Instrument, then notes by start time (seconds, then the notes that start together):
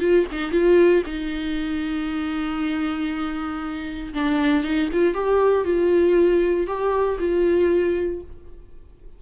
viola
0.00 F4
0.32 D#4
0.52 F4
1.06 D#4
4.14 D4
4.64 D#4
4.93 F4
5.14 G4
5.65 F4
6.67 G4
7.19 F4